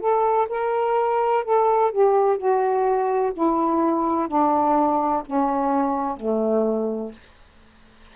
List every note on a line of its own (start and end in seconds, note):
0.00 0.48 A4
0.49 1.44 A#4
1.44 1.91 A4
1.91 2.37 G4
2.37 3.32 F#4
3.34 4.28 E4
4.28 5.23 D4
5.26 6.17 C#4
6.17 7.12 A3